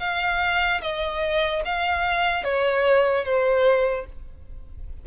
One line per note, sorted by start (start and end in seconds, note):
0.00 0.81 F5
0.82 1.63 D#5
1.65 2.44 F5
2.44 3.25 C#5
3.25 4.06 C5